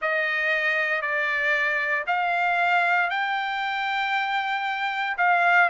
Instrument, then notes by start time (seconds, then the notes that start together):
trumpet
0.01 D#5
1.01 D5
2.06 F5
3.09 G5
5.17 F5